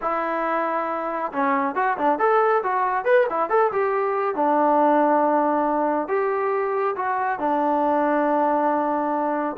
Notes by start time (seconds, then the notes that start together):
0.01 E4
1.32 C#4
1.75 F#4
1.97 D4
2.19 A4
2.63 F#4
3.05 B4
3.29 E4
3.49 A4
3.72 G4
4.35 D4
6.08 G4
6.96 F#4
7.39 D4